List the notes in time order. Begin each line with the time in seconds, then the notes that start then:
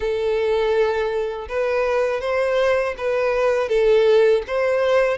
0.00 A4
1.48 B4
2.21 C5
2.97 B4
3.68 A4
4.47 C5